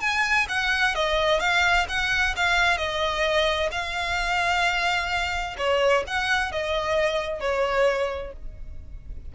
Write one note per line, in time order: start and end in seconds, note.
0.00 0.46 G#5
0.48 0.94 F#5
0.95 1.40 D#5
1.40 1.86 F5
1.88 2.34 F#5
2.36 2.77 F5
2.77 3.69 D#5
3.71 5.56 F5
5.57 6.04 C#5
6.07 6.52 F#5
6.52 7.40 D#5
7.40 8.32 C#5